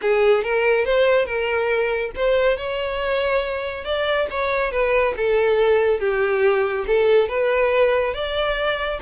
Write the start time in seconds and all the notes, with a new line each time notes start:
0.01 G#4
0.43 A#4
0.85 C5
1.25 A#4
2.15 C5
2.57 C#5
3.84 D5
4.30 C#5
4.71 B4
5.16 A4
5.99 G4
6.86 A4
7.28 B4
8.14 D5